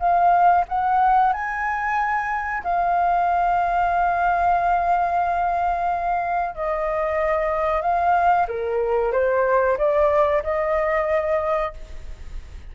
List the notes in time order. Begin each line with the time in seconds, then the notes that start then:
0.00 F5
0.68 F#5
1.33 G#5
2.64 F5
6.55 D#5
7.82 F5
8.48 A#4
9.12 C5
9.78 D5
10.43 D#5